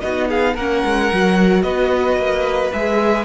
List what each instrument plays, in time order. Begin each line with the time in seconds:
0.00 cello B3, viola D#4, violin F#4 D#5
0.28 violin G#4 F5
0.54 cello A#3, viola C#4, violin A#4 F#5
0.85 cello G#3
1.12 cello F#3, viola F#4
1.62 cello B3, violin B4 D#5
2.17 cello A#3
2.73 cello G#3, viola G#4, violin E5